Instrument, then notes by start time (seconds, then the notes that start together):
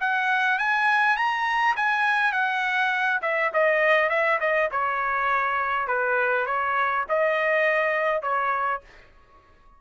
trumpet
0.00 F#5
0.58 G#5
1.16 A#5
1.76 G#5
2.32 F#5
3.22 E5
3.53 D#5
4.09 E5
4.40 D#5
4.71 C#5
5.87 B4
6.46 C#5
7.09 D#5
8.22 C#5